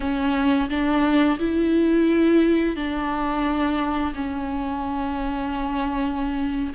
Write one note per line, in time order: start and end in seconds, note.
0.00 0.69 C#4
0.69 1.38 D4
1.39 2.76 E4
2.76 4.13 D4
4.14 6.73 C#4